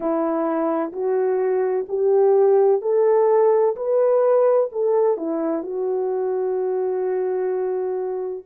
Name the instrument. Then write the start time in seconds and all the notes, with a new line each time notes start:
horn
0.00 E4
0.92 F#4
1.88 G4
2.81 A4
3.75 B4
4.71 A4
5.17 E4
5.62 F#4